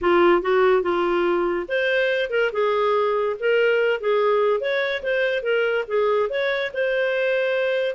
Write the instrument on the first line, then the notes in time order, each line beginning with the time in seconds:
clarinet
0.01 F4
0.42 F#4
0.82 F4
1.68 C5
2.30 A#4
2.52 G#4
3.39 A#4
4.00 G#4
4.60 C#5
5.03 C5
5.42 A#4
5.87 G#4
6.29 C#5
6.73 C5